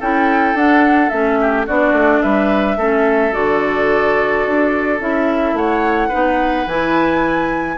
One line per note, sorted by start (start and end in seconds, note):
0.00 0.55 C#4
0.00 0.57 E4
0.00 1.39 A4
0.00 0.57 G5
0.55 1.10 D4
0.55 1.12 D4
0.55 1.10 F#5
1.10 1.68 A3
1.10 1.67 C#4
1.10 1.65 E5
1.41 1.67 G4
1.67 1.93 B3
1.67 2.79 D4
1.67 2.23 F#4
1.67 2.23 D5
1.93 2.21 A3
2.23 2.77 G3
2.23 2.78 B4
2.23 3.34 E5
2.77 3.33 A3
2.77 3.33 C#4
2.77 5.56 A4
3.33 4.46 D3
3.33 4.99 F#4
3.33 5.01 D5
4.46 5.01 D4
5.01 5.54 C#4
5.01 6.11 E4
5.01 5.57 E5
5.54 6.09 A3
5.54 6.09 C#5
5.54 6.68 F#5
6.09 6.67 B3
6.09 6.67 D#4
6.09 7.76 B4
6.67 7.78 E3
6.67 7.78 E4
6.67 7.78 G#5